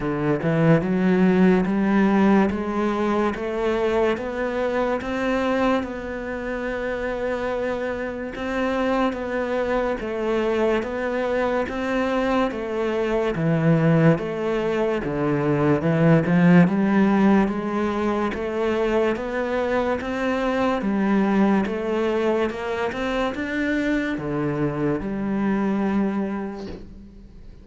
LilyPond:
\new Staff \with { instrumentName = "cello" } { \time 4/4 \tempo 4 = 72 d8 e8 fis4 g4 gis4 | a4 b4 c'4 b4~ | b2 c'4 b4 | a4 b4 c'4 a4 |
e4 a4 d4 e8 f8 | g4 gis4 a4 b4 | c'4 g4 a4 ais8 c'8 | d'4 d4 g2 | }